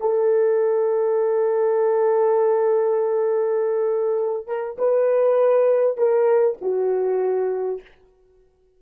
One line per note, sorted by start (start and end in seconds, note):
0.00 4.47 A4
4.47 4.77 A#4
4.78 5.98 B4
5.98 6.58 A#4
6.61 7.81 F#4